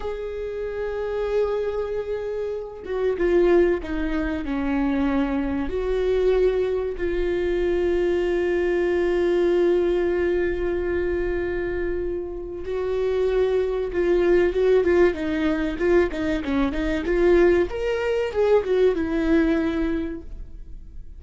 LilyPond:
\new Staff \with { instrumentName = "viola" } { \time 4/4 \tempo 4 = 95 gis'1~ | gis'8 fis'8 f'4 dis'4 cis'4~ | cis'4 fis'2 f'4~ | f'1~ |
f'1 | fis'2 f'4 fis'8 f'8 | dis'4 f'8 dis'8 cis'8 dis'8 f'4 | ais'4 gis'8 fis'8 e'2 | }